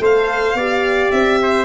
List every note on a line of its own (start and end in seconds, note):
0.00 0.54 A3
0.00 0.55 A4
0.00 0.57 C5
0.00 1.12 F5
0.54 1.09 B3
0.54 1.66 G4
0.54 1.39 D5
1.12 1.66 C4
1.12 1.66 E5
1.43 1.66 C5